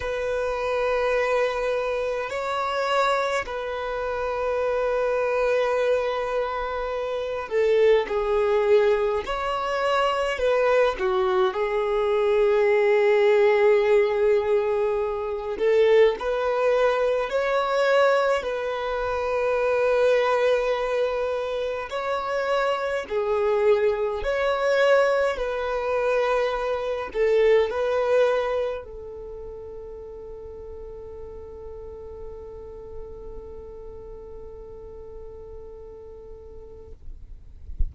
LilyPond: \new Staff \with { instrumentName = "violin" } { \time 4/4 \tempo 4 = 52 b'2 cis''4 b'4~ | b'2~ b'8 a'8 gis'4 | cis''4 b'8 fis'8 gis'2~ | gis'4. a'8 b'4 cis''4 |
b'2. cis''4 | gis'4 cis''4 b'4. a'8 | b'4 a'2.~ | a'1 | }